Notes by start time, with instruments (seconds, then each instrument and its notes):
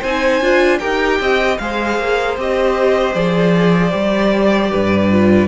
0.00 cello C4, viola D#4, violin C5 G#5
0.41 cello D4, viola F4
0.79 cello D#4, viola G4, violin A#4 G5
1.20 cello C4, violin D#5
1.58 cello G#3, viola G#4, violin C5 F5
1.98 cello A#3
2.37 cello C4, viola G4, violin D#5
3.13 cello F3, viola G#4, violin D5
3.90 cello G3, viola G4
4.71 cello G2, violin B4
5.11 viola F4